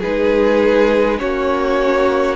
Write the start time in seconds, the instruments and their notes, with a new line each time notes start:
0.00 cello G#3, viola D#4, violin G#4 B4
1.19 cello A#3, viola C#4, violin F#4 C#5